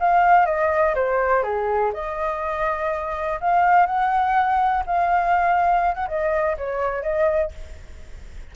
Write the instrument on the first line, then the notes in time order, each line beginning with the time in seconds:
flute
0.00 F5
0.46 D#5
0.95 C5
1.43 G#4
1.94 D#5
3.41 F5
3.86 F#5
4.86 F5
5.95 F#5
6.08 D#5
6.58 C#5
7.03 D#5